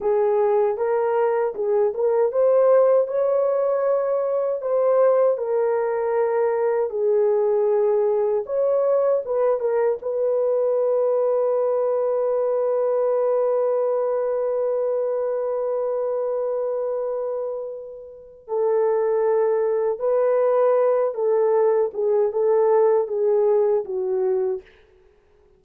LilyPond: \new Staff \with { instrumentName = "horn" } { \time 4/4 \tempo 4 = 78 gis'4 ais'4 gis'8 ais'8 c''4 | cis''2 c''4 ais'4~ | ais'4 gis'2 cis''4 | b'8 ais'8 b'2.~ |
b'1~ | b'1 | a'2 b'4. a'8~ | a'8 gis'8 a'4 gis'4 fis'4 | }